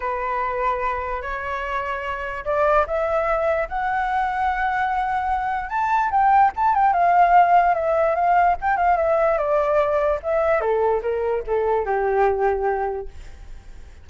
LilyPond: \new Staff \with { instrumentName = "flute" } { \time 4/4 \tempo 4 = 147 b'2. cis''4~ | cis''2 d''4 e''4~ | e''4 fis''2.~ | fis''2 a''4 g''4 |
a''8 g''8 f''2 e''4 | f''4 g''8 f''8 e''4 d''4~ | d''4 e''4 a'4 ais'4 | a'4 g'2. | }